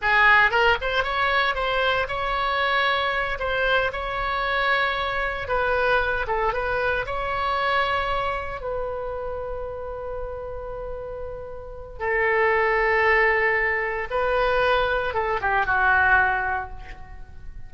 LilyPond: \new Staff \with { instrumentName = "oboe" } { \time 4/4 \tempo 4 = 115 gis'4 ais'8 c''8 cis''4 c''4 | cis''2~ cis''8 c''4 cis''8~ | cis''2~ cis''8 b'4. | a'8 b'4 cis''2~ cis''8~ |
cis''8 b'2.~ b'8~ | b'2. a'4~ | a'2. b'4~ | b'4 a'8 g'8 fis'2 | }